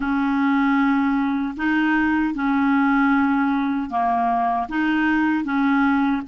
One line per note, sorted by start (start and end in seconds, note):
0.00 1.54 C#4
1.56 2.34 D#4
2.34 3.90 C#4
3.90 4.68 A#3
4.69 5.44 D#4
5.44 6.22 C#4